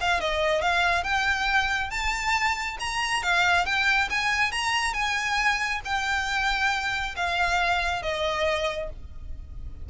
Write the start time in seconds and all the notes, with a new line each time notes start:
0.00 F5
0.20 D#5
0.61 F5
1.03 G5
1.90 A5
2.79 A#5
3.23 F5
3.65 G5
4.09 G#5
4.51 A#5
4.93 G#5
5.84 G5
7.16 F5
8.02 D#5